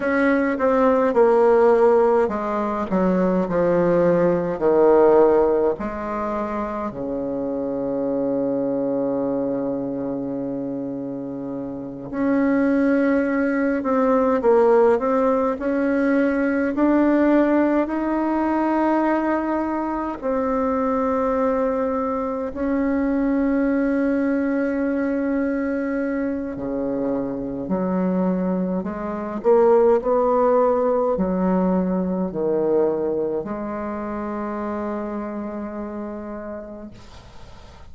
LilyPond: \new Staff \with { instrumentName = "bassoon" } { \time 4/4 \tempo 4 = 52 cis'8 c'8 ais4 gis8 fis8 f4 | dis4 gis4 cis2~ | cis2~ cis8 cis'4. | c'8 ais8 c'8 cis'4 d'4 dis'8~ |
dis'4. c'2 cis'8~ | cis'2. cis4 | fis4 gis8 ais8 b4 fis4 | dis4 gis2. | }